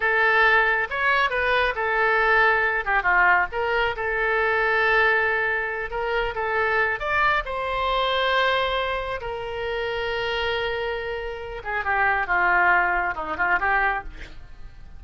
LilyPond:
\new Staff \with { instrumentName = "oboe" } { \time 4/4 \tempo 4 = 137 a'2 cis''4 b'4 | a'2~ a'8 g'8 f'4 | ais'4 a'2.~ | a'4. ais'4 a'4. |
d''4 c''2.~ | c''4 ais'2.~ | ais'2~ ais'8 gis'8 g'4 | f'2 dis'8 f'8 g'4 | }